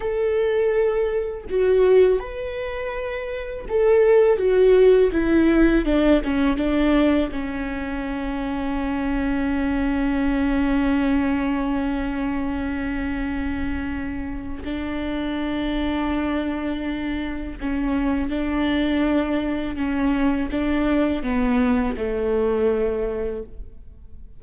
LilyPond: \new Staff \with { instrumentName = "viola" } { \time 4/4 \tempo 4 = 82 a'2 fis'4 b'4~ | b'4 a'4 fis'4 e'4 | d'8 cis'8 d'4 cis'2~ | cis'1~ |
cis'1 | d'1 | cis'4 d'2 cis'4 | d'4 b4 a2 | }